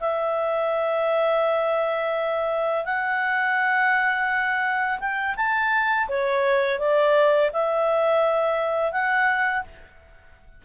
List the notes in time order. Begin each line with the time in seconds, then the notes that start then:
0.00 E5
2.85 F#5
5.00 G5
5.37 A5
6.08 C#5
6.80 D5
7.53 E5
8.92 F#5